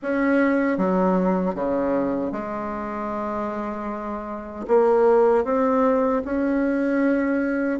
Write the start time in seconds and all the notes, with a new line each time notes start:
0.02 C#4
0.77 F#3
1.54 C#3
2.32 G#3
4.68 A#3
5.44 C4
6.24 C#4